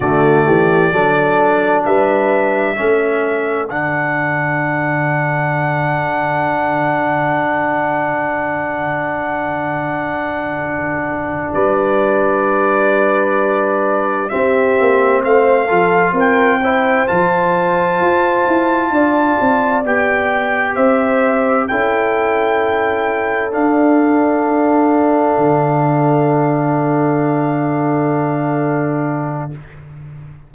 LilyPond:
<<
  \new Staff \with { instrumentName = "trumpet" } { \time 4/4 \tempo 4 = 65 d''2 e''2 | fis''1~ | fis''1~ | fis''8 d''2. e''8~ |
e''8 f''4 g''4 a''4.~ | a''4. g''4 e''4 g''8~ | g''4. f''2~ f''8~ | f''1 | }
  \new Staff \with { instrumentName = "horn" } { \time 4/4 fis'8 g'8 a'4 b'4 a'4~ | a'1~ | a'1~ | a'8 b'2. g'8~ |
g'8 c''8 a'8 ais'8 c''2~ | c''8 d''2 c''4 a'8~ | a'1~ | a'1 | }
  \new Staff \with { instrumentName = "trombone" } { \time 4/4 a4 d'2 cis'4 | d'1~ | d'1~ | d'2.~ d'8 c'8~ |
c'4 f'4 e'8 f'4.~ | f'4. g'2 e'8~ | e'4. d'2~ d'8~ | d'1 | }
  \new Staff \with { instrumentName = "tuba" } { \time 4/4 d8 e8 fis4 g4 a4 | d1~ | d1~ | d8 g2. c'8 |
ais8 a8 f8 c'4 f4 f'8 | e'8 d'8 c'8 b4 c'4 cis'8~ | cis'4. d'2 d8~ | d1 | }
>>